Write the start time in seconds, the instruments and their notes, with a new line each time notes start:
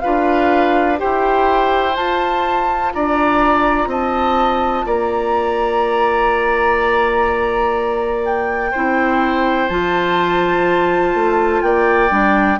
0.00 bassoon D4, clarinet F4, oboe B4, flute F5
0.97 bassoon E4, clarinet G4, oboe C5, flute G5
1.92 clarinet F4, bassoon F4, flute A5
2.93 bassoon D4, oboe D5, flute A#5
3.86 bassoon C4, oboe D#5, flute A5
4.86 bassoon A#3, oboe D5, flute A#5
8.24 flute G5
8.71 bassoon C4, clarinet E4, oboe C5
9.68 bassoon F3, clarinet F4, flute A5
11.14 bassoon A3
11.62 bassoon A#3, oboe D5, flute G5
12.09 bassoon G3, clarinet D4